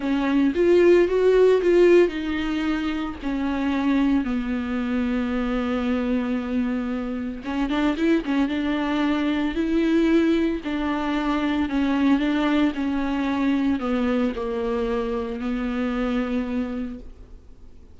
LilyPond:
\new Staff \with { instrumentName = "viola" } { \time 4/4 \tempo 4 = 113 cis'4 f'4 fis'4 f'4 | dis'2 cis'2 | b1~ | b2 cis'8 d'8 e'8 cis'8 |
d'2 e'2 | d'2 cis'4 d'4 | cis'2 b4 ais4~ | ais4 b2. | }